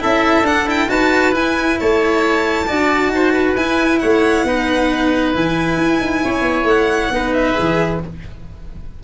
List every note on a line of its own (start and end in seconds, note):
0.00 0.43 C#4
0.00 0.44 E4
0.00 0.91 A4
0.00 0.47 E5
0.43 0.87 D4
0.43 0.67 D4
0.43 0.69 F#5
0.67 0.88 E4
0.67 0.90 G5
0.88 1.32 D#4
0.88 1.32 F#4
0.88 1.80 B4
0.88 1.35 A5
1.32 2.66 E4
1.32 1.77 E4
1.32 1.79 G#5
1.80 2.70 A3
1.80 2.67 C#5
1.80 3.56 A5
2.67 3.08 D4
2.67 3.56 F#4
2.67 3.11 D5
3.08 3.53 D#4
3.15 3.33 C5
3.33 4.00 B4
3.56 4.01 E4
3.56 4.47 E4
3.56 3.99 G#5
3.99 4.45 A3
3.99 4.46 C#5
3.99 5.33 F#5
4.45 5.33 B3
4.45 5.35 D#4
4.45 6.24 B4
5.35 5.78 E3
5.35 7.12 E4
5.35 6.68 G#5
5.78 6.00 E4
6.01 6.23 D#4
6.24 6.42 C#4
6.24 7.13 C#5
6.42 6.64 B3
6.64 7.09 A3
6.64 7.34 F#5
7.11 7.55 B3
7.11 7.54 D#4
7.11 8.03 B4
7.34 8.01 E5
7.54 8.04 E3
7.54 7.99 G#4